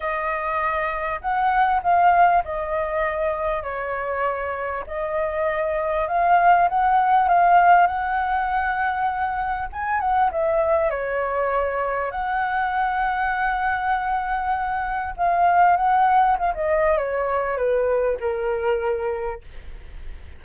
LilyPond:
\new Staff \with { instrumentName = "flute" } { \time 4/4 \tempo 4 = 99 dis''2 fis''4 f''4 | dis''2 cis''2 | dis''2 f''4 fis''4 | f''4 fis''2. |
gis''8 fis''8 e''4 cis''2 | fis''1~ | fis''4 f''4 fis''4 f''16 dis''8. | cis''4 b'4 ais'2 | }